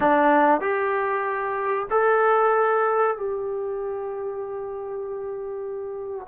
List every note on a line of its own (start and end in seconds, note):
0.00 0.60 D4
0.60 1.87 G4
1.90 3.16 A4
3.16 6.27 G4